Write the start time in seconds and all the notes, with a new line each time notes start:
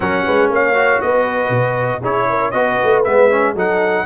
0.00 F#3 C#4 A#4 F#5
0.25 G#3 B4
0.49 A#3 C#5 F5
0.74 F#4
1.01 B3 B4 D#5
1.49 B2
2.00 C#4 E4 G#4 C#5
2.29 A#4
2.51 B3 F#4 B4 D#5
2.83 A3
3.03 G#3 B3 E5
3.30 C#4
3.53 F#3 D#4 A4 F#5